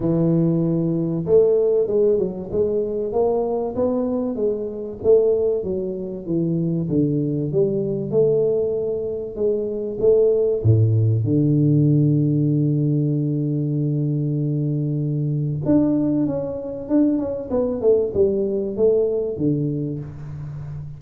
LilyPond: \new Staff \with { instrumentName = "tuba" } { \time 4/4 \tempo 4 = 96 e2 a4 gis8 fis8 | gis4 ais4 b4 gis4 | a4 fis4 e4 d4 | g4 a2 gis4 |
a4 a,4 d2~ | d1~ | d4 d'4 cis'4 d'8 cis'8 | b8 a8 g4 a4 d4 | }